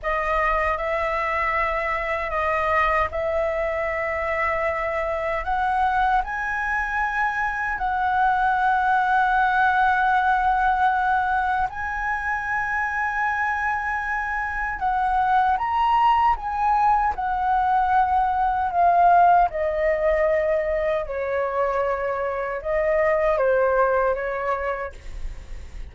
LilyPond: \new Staff \with { instrumentName = "flute" } { \time 4/4 \tempo 4 = 77 dis''4 e''2 dis''4 | e''2. fis''4 | gis''2 fis''2~ | fis''2. gis''4~ |
gis''2. fis''4 | ais''4 gis''4 fis''2 | f''4 dis''2 cis''4~ | cis''4 dis''4 c''4 cis''4 | }